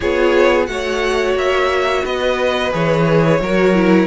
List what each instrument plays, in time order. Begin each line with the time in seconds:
0.00 cello B3, viola F4, violin G#4 C#5
0.66 cello A3, viola F#4, violin C#5 F#5
1.35 cello A#3, violin E5
2.04 cello B3, violin B4 D#5
2.70 cello E3, viola G#4, violin C#5
3.40 cello F#3, viola F#4, violin A#4
3.74 viola E4